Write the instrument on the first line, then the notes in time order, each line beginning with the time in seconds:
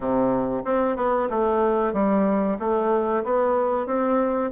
bassoon
0.00 C3
0.65 C4
0.96 B3
1.30 A3
1.93 G3
2.59 A3
3.24 B3
3.86 C4